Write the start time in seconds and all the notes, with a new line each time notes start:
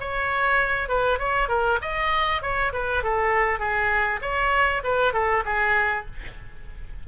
0.00 C#5
0.88 B4
1.19 C#5
1.48 A#4
1.82 D#5
2.42 C#5
2.73 B4
3.03 A4
3.59 G#4
4.22 C#5
4.83 B4
5.13 A4
5.45 G#4